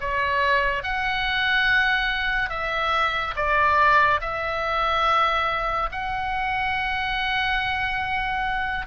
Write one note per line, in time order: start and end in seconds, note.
0.00 0.83 C#5
0.83 2.50 F#5
2.50 3.34 E5
3.36 4.20 D5
4.21 5.90 E5
5.92 8.86 F#5